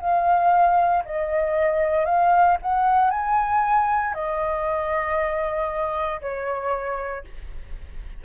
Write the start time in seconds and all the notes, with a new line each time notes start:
0.00 F5
1.04 D#5
2.05 F5
2.61 F#5
3.10 G#5
4.14 D#5
6.21 C#5